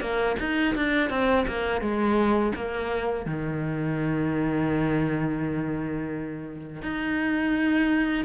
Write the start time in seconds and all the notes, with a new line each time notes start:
0.00 A#3
0.39 D#4
0.75 D4
1.09 C4
1.47 A#3
1.81 G#3
2.55 A#3
3.25 D#3
6.82 D#4